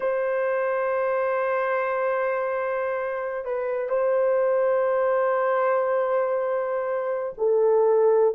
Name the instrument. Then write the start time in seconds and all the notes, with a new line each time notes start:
horn
0.00 C5
3.44 B4
3.89 C5
7.37 A4